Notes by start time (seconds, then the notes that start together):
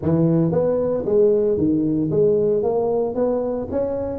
0.02 E3
0.51 B3
1.05 G#3
1.57 D#3
2.10 G#3
2.62 A#3
3.14 B3
3.70 C#4